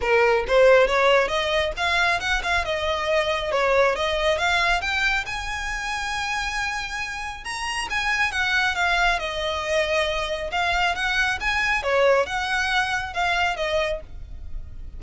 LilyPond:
\new Staff \with { instrumentName = "violin" } { \time 4/4 \tempo 4 = 137 ais'4 c''4 cis''4 dis''4 | f''4 fis''8 f''8 dis''2 | cis''4 dis''4 f''4 g''4 | gis''1~ |
gis''4 ais''4 gis''4 fis''4 | f''4 dis''2. | f''4 fis''4 gis''4 cis''4 | fis''2 f''4 dis''4 | }